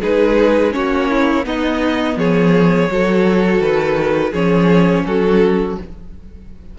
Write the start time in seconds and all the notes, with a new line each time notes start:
0.00 G#3 D#4 G#4 B4
0.71 A#3 C#4 F#4 C#5
1.09 E4
1.44 B3 D#4 D#5
2.16 F3 G#4 C#5
2.88 F#3 F#4 A4
3.60 D#3 B4
4.31 F3 C#4 G#4 C#5
5.05 F#3 F#4 A4